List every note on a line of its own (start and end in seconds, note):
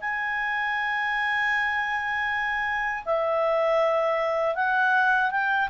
0.00 3.04 G#5
3.05 4.55 E5
4.55 5.31 F#5
5.31 5.69 G5